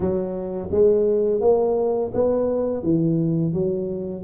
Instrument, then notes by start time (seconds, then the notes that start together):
tuba
0.00 F#3
0.71 G#3
1.41 A#3
2.14 B3
2.83 E3
3.53 F#3